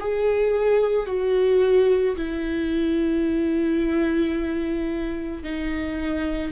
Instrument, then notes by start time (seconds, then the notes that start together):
viola
0.00 G#4
1.07 F#4
2.16 E4
5.43 D#4